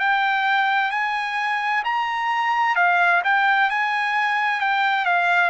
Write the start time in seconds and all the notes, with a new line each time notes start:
0.00 G5
0.91 G#5
1.85 A#5
2.76 F5
3.24 G5
3.70 G#5
4.61 G5
5.06 F5